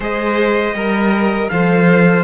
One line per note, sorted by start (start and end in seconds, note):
0.00 0.73 G#3
0.00 0.75 G#4
0.00 0.75 C5
0.00 1.49 D#5
0.74 1.49 G3
0.74 1.50 A#4
1.49 2.24 F3
1.49 2.24 A4
1.49 2.24 C5
1.49 2.24 F5